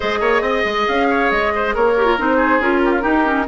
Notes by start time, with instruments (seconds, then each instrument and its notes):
0.00 bassoon G#3, clarinet G#4, oboe C5, flute D#5
0.20 bassoon A#3, oboe C#5
0.41 bassoon C4, oboe D#5
0.65 bassoon G#3
0.87 bassoon C#4, flute F5
1.09 oboe C#5
1.30 bassoon G#3, flute D#5
1.55 oboe C5
1.74 bassoon A#3, oboe A#4, flute C#5
1.96 clarinet G4
2.05 clarinet F4
2.17 bassoon C4, clarinet D#4, flute C5
2.37 oboe G#4
2.59 bassoon C#4, clarinet F4, flute A#4
2.85 oboe G4
2.92 oboe F4
3.01 clarinet D#4, bassoon D#4, oboe G4
3.24 clarinet C#4